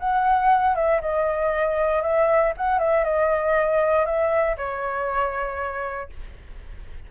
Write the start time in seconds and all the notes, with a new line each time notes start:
0.00 F#5
0.76 E5
1.01 D#5
2.03 E5
2.57 F#5
2.79 E5
3.05 D#5
4.06 E5
4.57 C#5